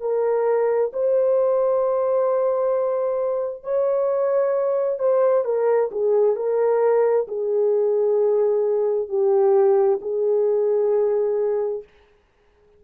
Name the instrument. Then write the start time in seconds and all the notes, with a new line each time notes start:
horn
0.00 A#4
0.93 C5
3.63 C#5
4.99 C5
5.44 A#4
5.91 G#4
6.36 A#4
7.28 G#4
9.08 G4
10.01 G#4